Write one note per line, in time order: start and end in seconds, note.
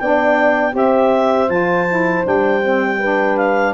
0.00 0.75 B3
0.00 0.73 D4
0.00 0.75 D5
0.00 0.75 G5
0.73 1.49 C4
0.73 1.48 G4
0.73 3.00 C5
0.73 1.50 E5
1.49 2.24 F3
1.49 1.88 F4
1.49 2.25 A5
1.89 2.25 E4
2.25 3.74 G3
2.25 2.62 D4
2.25 3.37 G5
2.63 3.00 C4
3.00 3.74 D4
3.00 3.74 B4
3.37 3.74 F5